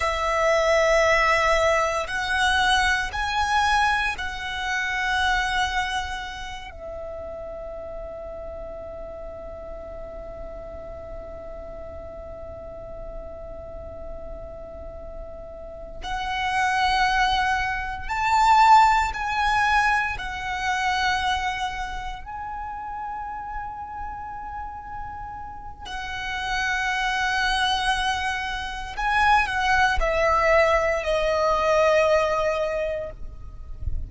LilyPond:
\new Staff \with { instrumentName = "violin" } { \time 4/4 \tempo 4 = 58 e''2 fis''4 gis''4 | fis''2~ fis''8 e''4.~ | e''1~ | e''2.~ e''8 fis''8~ |
fis''4. a''4 gis''4 fis''8~ | fis''4. gis''2~ gis''8~ | gis''4 fis''2. | gis''8 fis''8 e''4 dis''2 | }